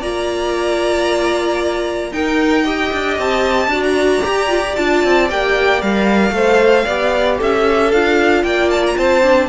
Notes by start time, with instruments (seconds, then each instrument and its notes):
0.00 cello A#3, viola F4, violin D5 A#5
2.12 cello D#4, viola D#4, violin A#4 G5
2.64 viola G4, violin D#5
2.92 cello D4
3.18 cello C4, violin A5
3.67 cello D4, viola F#4, violin D5
3.83 violin A#5
4.23 viola G4, cello G4
4.49 viola F4
4.61 viola G4
4.76 cello D4, viola F4, violin A5
5.04 cello C4
5.30 cello A#3, viola G4, violin G5
5.81 cello G3, viola A#4, violin F5
6.30 cello A3, viola A4, violin C5
6.85 cello B3, viola G4, violin D5
7.38 cello C#4, violin A4 E5
7.91 cello D4, viola F4, violin F5
8.43 cello A#3, violin D5 G5
8.70 violin A5
8.86 violin A#5
8.97 cello C4, violin C5 A5
9.22 viola D4